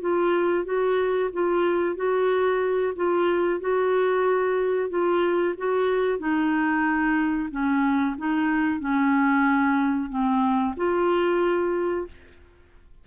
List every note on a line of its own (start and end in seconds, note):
0.00 0.64 F4
0.64 1.29 F#4
1.33 1.95 F4
1.95 2.93 F#4
2.95 3.60 F4
3.60 4.89 F#4
4.89 5.54 F4
5.57 6.18 F#4
6.18 7.49 D#4
7.50 8.15 C#4
8.17 8.80 D#4
8.80 10.09 C#4
10.09 10.74 C4
10.76 12.07 F4